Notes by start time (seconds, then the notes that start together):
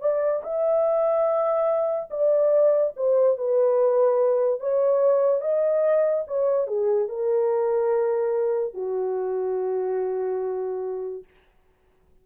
0.00 D5
0.43 E5
2.10 D5
2.96 C5
3.37 B4
4.59 C#5
5.41 D#5
6.27 C#5
6.67 G#4
7.08 A#4
8.73 F#4